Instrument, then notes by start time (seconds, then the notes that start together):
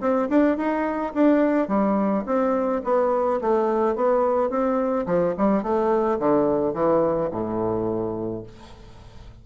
bassoon
0.00 C4
0.29 D4
0.57 D#4
1.13 D4
1.68 G3
2.26 C4
2.84 B3
3.41 A3
3.95 B3
4.50 C4
5.06 F3
5.37 G3
5.62 A3
6.19 D3
6.73 E3
7.31 A2